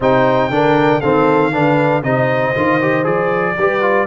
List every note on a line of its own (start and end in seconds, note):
0.00 0.50 C3
0.00 0.51 D#4
0.00 0.51 C5
0.00 1.00 G5
0.50 1.01 D3
0.50 1.01 D4
0.50 1.00 A#4
1.00 1.51 D#3
1.00 1.52 C4
1.00 1.51 A4
1.00 2.02 F5
1.51 2.02 D3
1.51 2.03 D4
1.51 2.03 B4
2.03 2.53 C3
2.03 2.54 D#4
2.03 3.56 C5
2.03 3.05 D#5
2.54 3.05 D#3
2.54 2.80 F4
2.81 3.03 G4
3.03 3.56 F3
3.03 3.54 G#4
3.03 4.07 D5
3.57 4.07 G3
3.57 3.81 G4
3.57 4.07 B4
3.81 4.06 F4